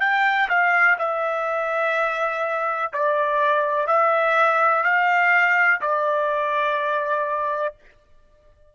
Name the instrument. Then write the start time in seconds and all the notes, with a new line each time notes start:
trumpet
0.00 G5
0.49 F5
0.99 E5
2.93 D5
3.87 E5
4.84 F5
5.81 D5